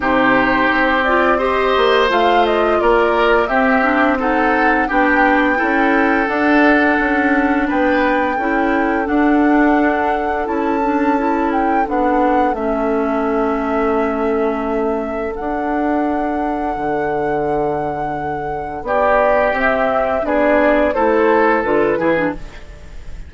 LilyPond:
<<
  \new Staff \with { instrumentName = "flute" } { \time 4/4 \tempo 4 = 86 c''4. d''8 dis''4 f''8 dis''8 | d''4 e''4 fis''4 g''4~ | g''4 fis''2 g''4~ | g''4 fis''2 a''4~ |
a''8 g''8 fis''4 e''2~ | e''2 fis''2~ | fis''2. d''4 | e''4 d''4 c''4 b'4 | }
  \new Staff \with { instrumentName = "oboe" } { \time 4/4 g'2 c''2 | ais'4 g'4 a'4 g'4 | a'2. b'4 | a'1~ |
a'1~ | a'1~ | a'2. g'4~ | g'4 gis'4 a'4. gis'8 | }
  \new Staff \with { instrumentName = "clarinet" } { \time 4/4 dis'4. f'8 g'4 f'4~ | f'4 c'8 d'8 dis'4 d'4 | e'4 d'2. | e'4 d'2 e'8 d'8 |
e'4 d'4 cis'2~ | cis'2 d'2~ | d'1 | c'4 d'4 e'4 f'8 e'16 d'16 | }
  \new Staff \with { instrumentName = "bassoon" } { \time 4/4 c4 c'4. ais8 a4 | ais4 c'2 b4 | cis'4 d'4 cis'4 b4 | cis'4 d'2 cis'4~ |
cis'4 b4 a2~ | a2 d'2 | d2. b4 | c'4 b4 a4 d8 e8 | }
>>